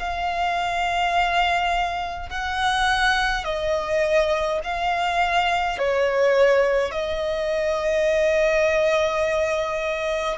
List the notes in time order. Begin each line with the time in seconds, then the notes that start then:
0.00 F5
2.30 F#5
3.45 D#5
4.64 F5
5.79 C#5
6.92 D#5